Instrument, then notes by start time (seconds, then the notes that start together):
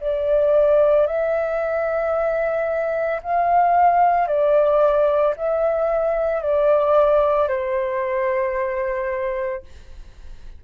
flute
0.00 D5
1.07 E5
3.23 F5
4.28 D5
5.36 E5
6.42 D5
7.48 C5